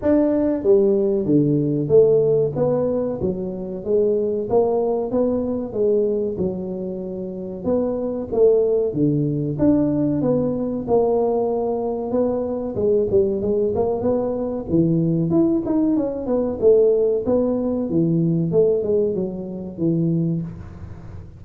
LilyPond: \new Staff \with { instrumentName = "tuba" } { \time 4/4 \tempo 4 = 94 d'4 g4 d4 a4 | b4 fis4 gis4 ais4 | b4 gis4 fis2 | b4 a4 d4 d'4 |
b4 ais2 b4 | gis8 g8 gis8 ais8 b4 e4 | e'8 dis'8 cis'8 b8 a4 b4 | e4 a8 gis8 fis4 e4 | }